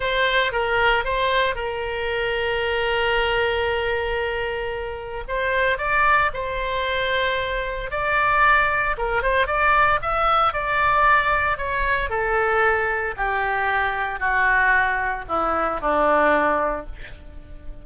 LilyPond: \new Staff \with { instrumentName = "oboe" } { \time 4/4 \tempo 4 = 114 c''4 ais'4 c''4 ais'4~ | ais'1~ | ais'2 c''4 d''4 | c''2. d''4~ |
d''4 ais'8 c''8 d''4 e''4 | d''2 cis''4 a'4~ | a'4 g'2 fis'4~ | fis'4 e'4 d'2 | }